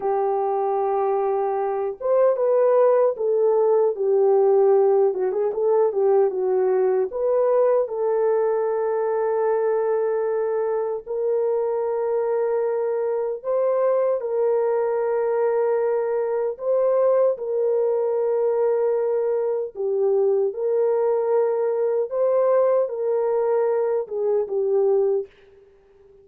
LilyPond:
\new Staff \with { instrumentName = "horn" } { \time 4/4 \tempo 4 = 76 g'2~ g'8 c''8 b'4 | a'4 g'4. fis'16 gis'16 a'8 g'8 | fis'4 b'4 a'2~ | a'2 ais'2~ |
ais'4 c''4 ais'2~ | ais'4 c''4 ais'2~ | ais'4 g'4 ais'2 | c''4 ais'4. gis'8 g'4 | }